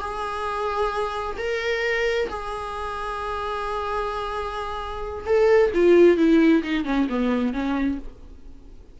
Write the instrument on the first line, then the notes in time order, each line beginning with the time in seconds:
viola
0.00 G#4
1.37 A#4
2.29 G#4
5.26 A4
5.74 F4
6.17 E4
6.62 D#4
6.85 C#4
7.09 B3
7.53 C#4